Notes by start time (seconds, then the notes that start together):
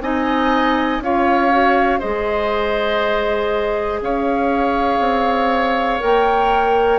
0.00 C4 D#4 D#5 G#5
0.99 C#4 F4 C#5 F5
1.50 F#4
1.99 G#3 G#4 C5 D#5
4.01 C#4 C#5 F5
4.99 C4
6.00 A#3 A#4 G5